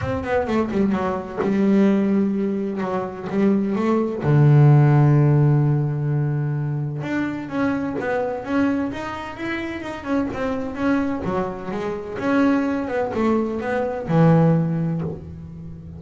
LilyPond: \new Staff \with { instrumentName = "double bass" } { \time 4/4 \tempo 4 = 128 c'8 b8 a8 g8 fis4 g4~ | g2 fis4 g4 | a4 d2.~ | d2. d'4 |
cis'4 b4 cis'4 dis'4 | e'4 dis'8 cis'8 c'4 cis'4 | fis4 gis4 cis'4. b8 | a4 b4 e2 | }